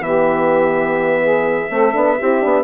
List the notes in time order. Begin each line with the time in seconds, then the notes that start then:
0.00 E3 B3 G4 E5
1.22 G#4
1.70 A3 C4 A4
1.93 B3 D4
2.18 C4 E4 G4
2.41 B3 D4